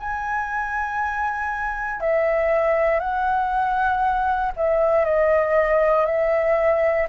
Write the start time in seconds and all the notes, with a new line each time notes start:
0.00 G#5
2.01 E5
3.00 F#5
4.57 E5
5.05 D#5
6.06 E5